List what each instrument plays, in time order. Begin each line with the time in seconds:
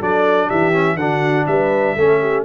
0.00 tuba F#3, trombone D4, horn A4, trumpet D5
0.48 tuba E3, horn G4, trumpet E5
0.73 trombone C#4
0.96 tuba D3, trombone D4, horn F#4, trumpet F#5
1.46 tuba G3, horn B4, trumpet E5
1.95 tuba A3, trombone C#4, horn A4
2.20 horn G4